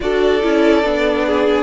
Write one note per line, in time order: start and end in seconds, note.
0.00 0.43 D4
0.00 0.41 F#4
0.00 1.26 A4
0.00 1.62 D5
0.41 0.83 C#4
0.41 0.83 E4
0.83 1.62 B3
0.83 1.62 D4
1.26 1.62 G#4